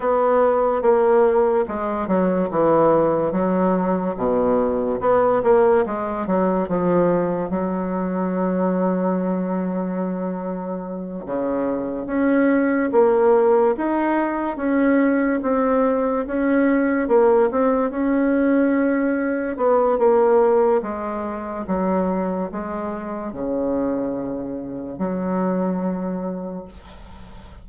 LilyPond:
\new Staff \with { instrumentName = "bassoon" } { \time 4/4 \tempo 4 = 72 b4 ais4 gis8 fis8 e4 | fis4 b,4 b8 ais8 gis8 fis8 | f4 fis2.~ | fis4. cis4 cis'4 ais8~ |
ais8 dis'4 cis'4 c'4 cis'8~ | cis'8 ais8 c'8 cis'2 b8 | ais4 gis4 fis4 gis4 | cis2 fis2 | }